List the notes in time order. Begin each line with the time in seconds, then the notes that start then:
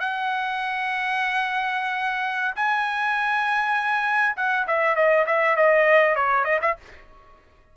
0.00 F#5
2.56 G#5
4.36 F#5
4.67 E5
4.96 D#5
5.26 E5
5.56 D#5
6.16 C#5
6.44 D#5
6.61 E5